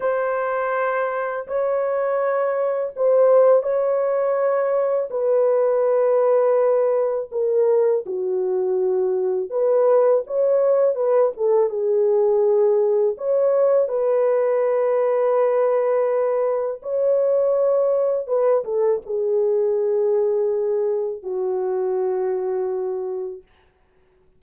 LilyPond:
\new Staff \with { instrumentName = "horn" } { \time 4/4 \tempo 4 = 82 c''2 cis''2 | c''4 cis''2 b'4~ | b'2 ais'4 fis'4~ | fis'4 b'4 cis''4 b'8 a'8 |
gis'2 cis''4 b'4~ | b'2. cis''4~ | cis''4 b'8 a'8 gis'2~ | gis'4 fis'2. | }